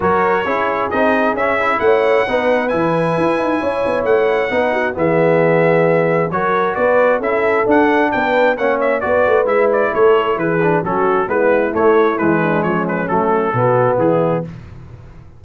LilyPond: <<
  \new Staff \with { instrumentName = "trumpet" } { \time 4/4 \tempo 4 = 133 cis''2 dis''4 e''4 | fis''2 gis''2~ | gis''4 fis''2 e''4~ | e''2 cis''4 d''4 |
e''4 fis''4 g''4 fis''8 e''8 | d''4 e''8 d''8 cis''4 b'4 | a'4 b'4 cis''4 b'4 | cis''8 b'8 a'2 gis'4 | }
  \new Staff \with { instrumentName = "horn" } { \time 4/4 ais'4 gis'2. | cis''4 b'2. | cis''2 b'8 fis'8 gis'4~ | gis'2 ais'4 b'4 |
a'2 b'4 cis''4 | b'2 a'4 gis'4 | fis'4 e'2~ e'8 d'8 | cis'2 fis'4 e'4 | }
  \new Staff \with { instrumentName = "trombone" } { \time 4/4 fis'4 e'4 dis'4 cis'8 e'8~ | e'4 dis'4 e'2~ | e'2 dis'4 b4~ | b2 fis'2 |
e'4 d'2 cis'4 | fis'4 e'2~ e'8 d'8 | cis'4 b4 a4 gis4~ | gis4 a4 b2 | }
  \new Staff \with { instrumentName = "tuba" } { \time 4/4 fis4 cis'4 c'4 cis'4 | a4 b4 e4 e'8 dis'8 | cis'8 b8 a4 b4 e4~ | e2 fis4 b4 |
cis'4 d'4 b4 ais4 | b8 a8 gis4 a4 e4 | fis4 gis4 a4 e4 | f4 fis4 b,4 e4 | }
>>